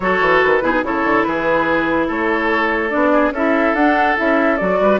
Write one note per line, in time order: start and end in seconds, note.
0.00 0.20 F#3
0.00 0.61 F#4
0.00 0.63 A4
0.00 0.39 C#5
0.20 0.41 E3
0.42 0.62 D#3
0.42 0.84 B4
0.61 0.83 B2
0.61 0.71 E4
0.61 0.84 G#4
0.71 0.81 D#4
0.83 1.04 C#3
0.83 2.90 E4
0.83 1.27 A4
0.83 1.23 C#5
1.04 1.25 D3
1.23 2.09 E3
1.23 2.07 G#4
1.23 2.06 B4
2.07 2.93 A3
2.07 3.11 A4
2.07 2.89 C#5
2.89 3.30 B3
2.89 3.31 D4
2.89 3.31 D5
3.12 3.33 G#4
3.30 3.72 C#4
3.30 3.77 E4
3.30 4.79 A4
3.30 3.74 E5
3.74 4.15 D4
3.74 4.16 D4
3.74 4.16 F#5
4.16 4.61 C#4
4.16 4.58 E4
4.16 4.57 E5
4.57 4.80 F#3
4.57 5.00 F#4
4.57 4.98 D5
4.80 5.00 G3
4.80 5.00 B4